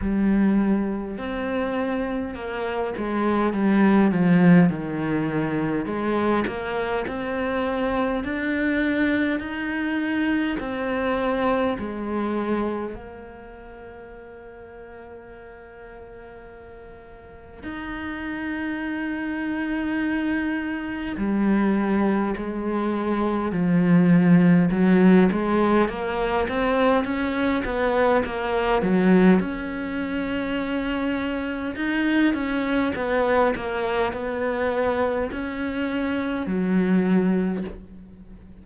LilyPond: \new Staff \with { instrumentName = "cello" } { \time 4/4 \tempo 4 = 51 g4 c'4 ais8 gis8 g8 f8 | dis4 gis8 ais8 c'4 d'4 | dis'4 c'4 gis4 ais4~ | ais2. dis'4~ |
dis'2 g4 gis4 | f4 fis8 gis8 ais8 c'8 cis'8 b8 | ais8 fis8 cis'2 dis'8 cis'8 | b8 ais8 b4 cis'4 fis4 | }